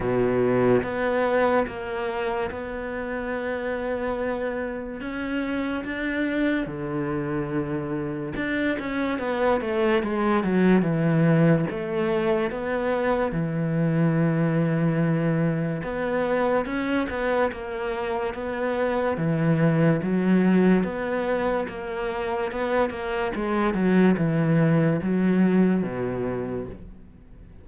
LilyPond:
\new Staff \with { instrumentName = "cello" } { \time 4/4 \tempo 4 = 72 b,4 b4 ais4 b4~ | b2 cis'4 d'4 | d2 d'8 cis'8 b8 a8 | gis8 fis8 e4 a4 b4 |
e2. b4 | cis'8 b8 ais4 b4 e4 | fis4 b4 ais4 b8 ais8 | gis8 fis8 e4 fis4 b,4 | }